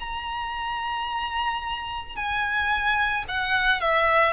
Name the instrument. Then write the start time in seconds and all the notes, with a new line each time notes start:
violin
0.00 A#5
2.16 G#5
3.28 F#5
3.81 E5